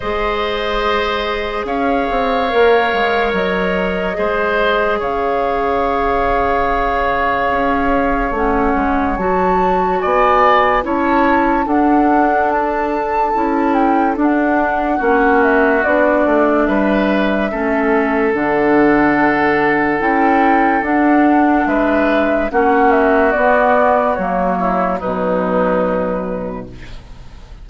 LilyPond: <<
  \new Staff \with { instrumentName = "flute" } { \time 4/4 \tempo 4 = 72 dis''2 f''2 | dis''2 f''2~ | f''2 fis''4 a''4 | gis''4 a''4 fis''4 a''4~ |
a''8 g''8 fis''4. e''8 d''4 | e''2 fis''2 | g''4 fis''4 e''4 fis''8 e''8 | d''4 cis''4 b'2 | }
  \new Staff \with { instrumentName = "oboe" } { \time 4/4 c''2 cis''2~ | cis''4 c''4 cis''2~ | cis''1 | d''4 cis''4 a'2~ |
a'2 fis'2 | b'4 a'2.~ | a'2 b'4 fis'4~ | fis'4. e'8 dis'2 | }
  \new Staff \with { instrumentName = "clarinet" } { \time 4/4 gis'2. ais'4~ | ais'4 gis'2.~ | gis'2 cis'4 fis'4~ | fis'4 e'4 d'2 |
e'4 d'4 cis'4 d'4~ | d'4 cis'4 d'2 | e'4 d'2 cis'4 | b4 ais4 fis2 | }
  \new Staff \with { instrumentName = "bassoon" } { \time 4/4 gis2 cis'8 c'8 ais8 gis8 | fis4 gis4 cis2~ | cis4 cis'4 a8 gis8 fis4 | b4 cis'4 d'2 |
cis'4 d'4 ais4 b8 a8 | g4 a4 d2 | cis'4 d'4 gis4 ais4 | b4 fis4 b,2 | }
>>